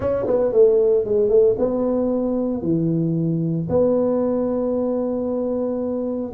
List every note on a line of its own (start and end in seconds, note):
0.00 0.26 C#4
0.26 0.52 B3
0.52 1.04 A3
1.04 1.29 G#3
1.29 1.55 A3
1.58 2.61 B3
2.61 3.67 E3
3.69 6.32 B3